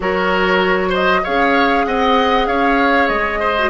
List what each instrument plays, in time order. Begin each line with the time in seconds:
0.00 bassoon F#3, clarinet F#4, oboe A#4, flute C#5
0.89 oboe C5, flute D#5
1.23 bassoon C#4, clarinet G#4, oboe C#5, flute F5
1.85 bassoon C4, oboe D#5, flute F#5
2.47 bassoon C#4, oboe C#5, flute F5
3.08 bassoon G#3, flute D#5
3.39 oboe C5
3.58 clarinet F#4